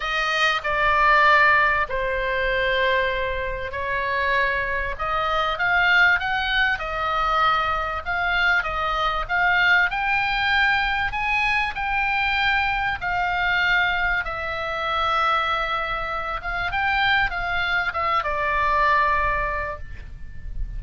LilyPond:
\new Staff \with { instrumentName = "oboe" } { \time 4/4 \tempo 4 = 97 dis''4 d''2 c''4~ | c''2 cis''2 | dis''4 f''4 fis''4 dis''4~ | dis''4 f''4 dis''4 f''4 |
g''2 gis''4 g''4~ | g''4 f''2 e''4~ | e''2~ e''8 f''8 g''4 | f''4 e''8 d''2~ d''8 | }